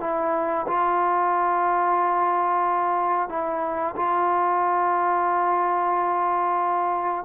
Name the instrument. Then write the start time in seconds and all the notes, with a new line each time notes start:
trombone
0.00 E4
0.67 F4
3.29 E4
3.96 F4